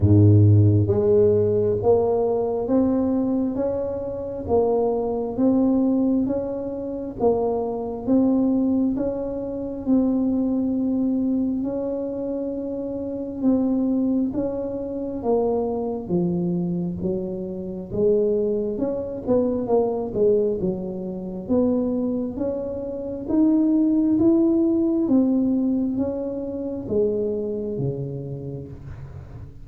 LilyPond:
\new Staff \with { instrumentName = "tuba" } { \time 4/4 \tempo 4 = 67 gis,4 gis4 ais4 c'4 | cis'4 ais4 c'4 cis'4 | ais4 c'4 cis'4 c'4~ | c'4 cis'2 c'4 |
cis'4 ais4 f4 fis4 | gis4 cis'8 b8 ais8 gis8 fis4 | b4 cis'4 dis'4 e'4 | c'4 cis'4 gis4 cis4 | }